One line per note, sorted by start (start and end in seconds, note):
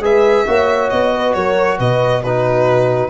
0.00 0.44 G#3
0.00 0.46 G#4
0.00 0.46 B4
0.00 0.89 E5
0.47 0.91 A#3
0.47 2.23 F#4
0.47 1.13 C#5
0.89 1.35 B3
0.89 1.33 D#5
1.16 1.35 B4
1.34 1.79 F#3
1.34 1.78 A#4
1.34 1.78 C#5
1.78 3.10 B2
1.78 2.22 B4
1.78 2.23 D#5
2.22 3.10 D#4
2.22 3.10 F#4
2.22 3.10 B4